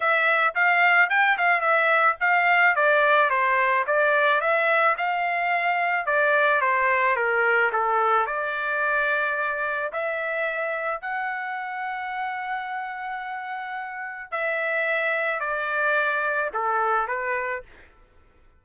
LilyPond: \new Staff \with { instrumentName = "trumpet" } { \time 4/4 \tempo 4 = 109 e''4 f''4 g''8 f''8 e''4 | f''4 d''4 c''4 d''4 | e''4 f''2 d''4 | c''4 ais'4 a'4 d''4~ |
d''2 e''2 | fis''1~ | fis''2 e''2 | d''2 a'4 b'4 | }